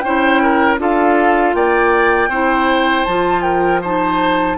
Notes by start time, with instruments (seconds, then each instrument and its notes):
0.00 bassoon C#4, oboe C5, flute G5
0.06 clarinet E4
0.43 oboe A#4
0.78 bassoon D4, clarinet F4, oboe A4, flute F5
1.55 bassoon A#3, oboe D5, flute G5
2.29 bassoon C4, clarinet E4, oboe C5
3.05 bassoon F3, clarinet F4, flute A5
3.43 oboe A#4, flute G5
3.82 clarinet D#4, oboe C5, flute A5